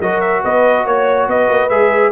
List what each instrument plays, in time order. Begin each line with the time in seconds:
0.00 tuba F#3, trombone F#4, horn A#4, trumpet D#5
0.20 trumpet E5
0.43 tuba B3, horn B4, trumpet D#5
0.85 tuba A#3, horn C#5, trumpet C#5
1.27 tuba B3, horn B4, trumpet D#5
1.49 tuba A#3
1.69 tuba G#3, trombone G#4, trumpet E5